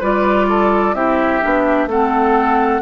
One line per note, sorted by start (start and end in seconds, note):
0.00 0.94 G3
0.00 0.95 F4
0.00 0.47 B4
0.00 0.94 D5
0.49 0.96 A4
0.94 1.41 C4
0.94 1.42 E4
0.94 1.89 G4
0.94 1.88 E5
1.42 1.87 B3
1.42 1.89 D4
1.87 2.80 A3
1.87 2.82 C4
1.87 2.82 A4
1.87 2.82 F#5